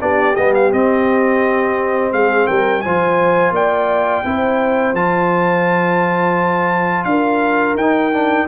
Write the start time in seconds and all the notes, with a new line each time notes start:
0.00 B3 D4 G4 D5
0.36 G3 B3 D#5
0.55 F5
0.73 C4 D#5
2.12 G#3 G#4 F5
2.47 G3 A#4 G5
2.81 F3 F4 C5 G#5
3.51 A#3 D5 G5
4.24 C4 E4 C5
4.93 F3 F4 A5
7.04 D4 A#4 F5
7.75 D#4 G5
7.81 D#4
8.13 D4